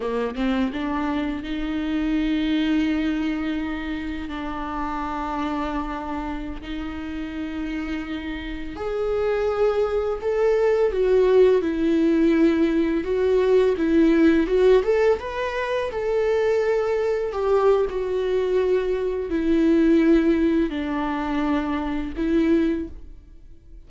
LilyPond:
\new Staff \with { instrumentName = "viola" } { \time 4/4 \tempo 4 = 84 ais8 c'8 d'4 dis'2~ | dis'2 d'2~ | d'4~ d'16 dis'2~ dis'8.~ | dis'16 gis'2 a'4 fis'8.~ |
fis'16 e'2 fis'4 e'8.~ | e'16 fis'8 a'8 b'4 a'4.~ a'16~ | a'16 g'8. fis'2 e'4~ | e'4 d'2 e'4 | }